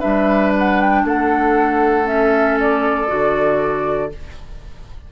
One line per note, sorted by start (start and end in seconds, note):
0.00 1.05 G3
0.00 2.05 D4
0.00 1.02 B4
0.00 0.52 E5
0.59 0.81 F#5
0.81 1.07 G5
1.05 3.08 A3
1.05 4.11 A4
1.05 2.08 F#5
2.05 3.07 C#4
2.05 2.59 E5
2.60 4.13 D5
3.08 4.11 D3
3.08 4.10 F#4